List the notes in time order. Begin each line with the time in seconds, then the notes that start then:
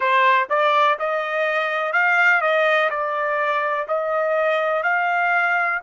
0.00 C5
0.49 D5
0.99 D#5
1.92 F5
2.41 D#5
2.89 D5
3.88 D#5
4.83 F5